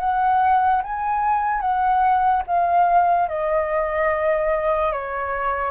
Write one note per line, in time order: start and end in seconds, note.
0.00 0.82 F#5
0.84 1.61 G#5
1.61 2.43 F#5
2.47 3.29 F5
3.29 4.93 D#5
4.93 5.71 C#5